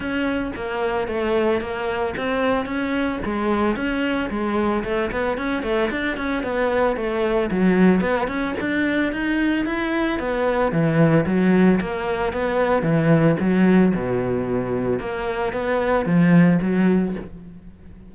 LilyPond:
\new Staff \with { instrumentName = "cello" } { \time 4/4 \tempo 4 = 112 cis'4 ais4 a4 ais4 | c'4 cis'4 gis4 cis'4 | gis4 a8 b8 cis'8 a8 d'8 cis'8 | b4 a4 fis4 b8 cis'8 |
d'4 dis'4 e'4 b4 | e4 fis4 ais4 b4 | e4 fis4 b,2 | ais4 b4 f4 fis4 | }